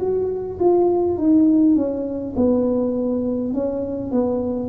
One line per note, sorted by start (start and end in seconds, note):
0.00 0.59 F#4
0.60 1.18 F4
1.18 1.76 D#4
1.76 2.35 C#4
2.36 3.54 B3
3.54 4.12 C#4
4.12 4.70 B3